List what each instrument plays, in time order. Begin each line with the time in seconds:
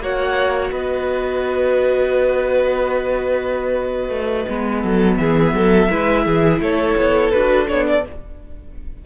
0.00 cello A#3, viola F#4, violin C#5 F#5
0.71 cello B3, violin B4 D#5
4.09 cello A3
4.48 cello G#3, viola B3
4.81 cello F#3, violin A4
5.17 cello E3, violin G#4 E5
5.53 cello F#3, violin A4
5.90 cello G#3, viola E4, violin B4
6.25 cello E3, violin G#4
6.60 cello A3, violin A4 C#5
6.97 cello B3
7.31 cello D4, viola F#4, violin B4
7.67 cello B3, viola D4, violin C#5
7.88 violin D5